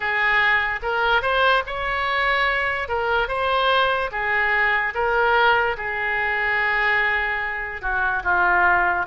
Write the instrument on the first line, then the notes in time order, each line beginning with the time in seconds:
oboe
0.00 G#4
0.82 A#4
1.21 C5
1.66 C#5
2.88 A#4
3.28 C5
4.11 G#4
4.94 A#4
5.77 G#4
7.81 F#4
8.23 F4